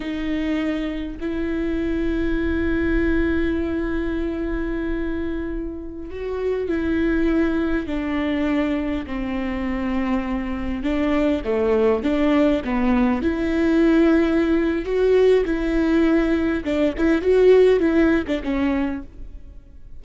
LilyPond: \new Staff \with { instrumentName = "viola" } { \time 4/4 \tempo 4 = 101 dis'2 e'2~ | e'1~ | e'2~ e'16 fis'4 e'8.~ | e'4~ e'16 d'2 c'8.~ |
c'2~ c'16 d'4 a8.~ | a16 d'4 b4 e'4.~ e'16~ | e'4 fis'4 e'2 | d'8 e'8 fis'4 e'8. d'16 cis'4 | }